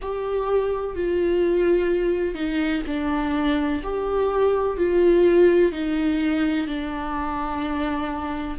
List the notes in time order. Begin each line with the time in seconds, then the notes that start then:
0.01 G4
0.95 F4
2.34 D#4
2.86 D4
3.83 G4
4.77 F4
5.71 D#4
6.67 D4